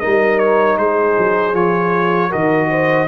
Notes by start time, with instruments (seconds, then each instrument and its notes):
0.00 tuba G3, trombone D#4, horn A#4, trumpet D#5
0.39 trumpet C#5
0.77 tuba G#3, horn G#4, trumpet C5
1.18 tuba F#3
1.54 tuba F3, trombone F4, trumpet C#5
2.30 tuba D#3, trombone F#4, horn A#4, trumpet D#5
2.70 horn C5